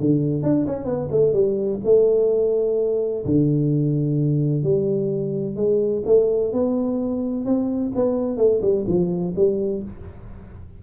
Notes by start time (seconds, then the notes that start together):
0.00 D3
0.43 D4
0.67 C#4
0.85 B3
1.11 A3
1.33 G3
1.84 A3
3.25 D3
4.63 G3
5.56 G#3
6.06 A3
6.53 B3
7.45 C4
7.95 B3
8.37 A3
8.61 G3
8.87 F3
9.36 G3